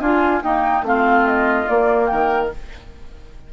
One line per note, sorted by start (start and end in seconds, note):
0.00 0.42 D4
0.00 0.43 F4
0.00 0.42 F4
0.00 0.42 G#5
0.42 0.84 A#3
0.42 0.85 D#4
0.42 0.83 D#4
0.42 0.85 G5
0.83 1.66 A3
0.83 1.67 C4
0.83 2.12 F4
0.83 1.28 F5
1.28 1.68 D#5
1.67 2.51 A#3
1.67 2.11 A#3
1.67 2.07 D5
2.07 2.53 D#3
2.07 2.53 A#4
2.07 2.48 G5